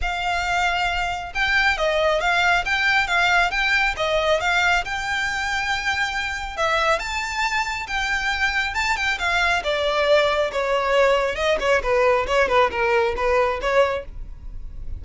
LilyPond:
\new Staff \with { instrumentName = "violin" } { \time 4/4 \tempo 4 = 137 f''2. g''4 | dis''4 f''4 g''4 f''4 | g''4 dis''4 f''4 g''4~ | g''2. e''4 |
a''2 g''2 | a''8 g''8 f''4 d''2 | cis''2 dis''8 cis''8 b'4 | cis''8 b'8 ais'4 b'4 cis''4 | }